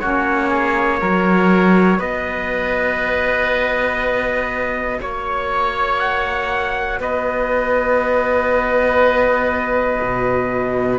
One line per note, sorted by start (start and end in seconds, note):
0.00 1.01 A#3
0.00 0.98 C#4
0.00 0.49 F#4
0.00 2.00 C#5
0.49 0.99 G#4
0.98 1.99 F#3
0.98 10.98 F#4
0.98 1.98 A#4
1.98 4.99 B3
1.98 4.98 B4
1.98 5.00 D#5
5.00 6.99 A#3
5.00 7.00 C#5
5.00 5.99 C#5
5.99 6.99 F#5
6.99 9.99 B3
6.99 10.98 B4
6.99 10.98 D#5
10.01 10.98 B2